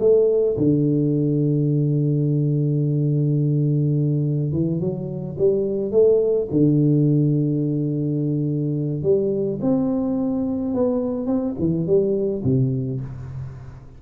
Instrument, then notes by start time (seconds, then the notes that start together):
tuba
0.00 A3
0.58 D3
4.52 E3
4.80 F#3
5.39 G3
5.92 A3
6.51 D3
9.03 G3
9.61 C4
10.74 B3
11.27 C4
11.59 E3
11.87 G3
12.44 C3